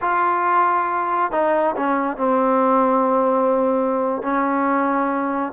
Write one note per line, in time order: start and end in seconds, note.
0.01 1.31 F4
1.31 1.75 D#4
1.76 2.17 C#4
2.17 4.22 C4
4.22 5.52 C#4